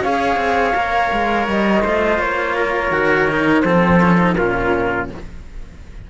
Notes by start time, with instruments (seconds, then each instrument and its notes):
0.00 cello C#4 G#4, trumpet C#5, flute F5
0.36 cello C4
0.73 cello A#3 A#4
1.12 cello G#3
1.47 cello G3, flute D#5
1.82 cello A3 F4, trumpet C5
2.18 cello A#3, flute C#5
2.55 trumpet A#4
2.90 cello D#3 F#4
3.28 cello D#4
3.61 cello F3 C4, trumpet A4, flute C5
4.03 cello C#4
4.18 cello D#4
4.35 cello A#2 C#4, trumpet F4, flute A#4